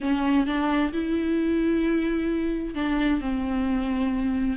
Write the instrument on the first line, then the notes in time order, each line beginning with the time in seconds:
viola
0.00 C#4
0.46 D4
0.93 E4
2.74 D4
3.20 C4